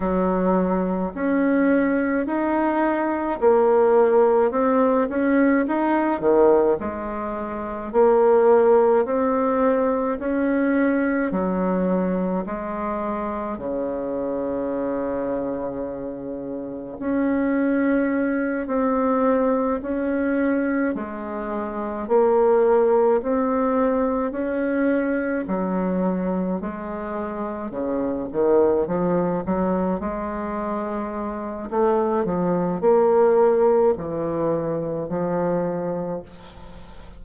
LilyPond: \new Staff \with { instrumentName = "bassoon" } { \time 4/4 \tempo 4 = 53 fis4 cis'4 dis'4 ais4 | c'8 cis'8 dis'8 dis8 gis4 ais4 | c'4 cis'4 fis4 gis4 | cis2. cis'4~ |
cis'8 c'4 cis'4 gis4 ais8~ | ais8 c'4 cis'4 fis4 gis8~ | gis8 cis8 dis8 f8 fis8 gis4. | a8 f8 ais4 e4 f4 | }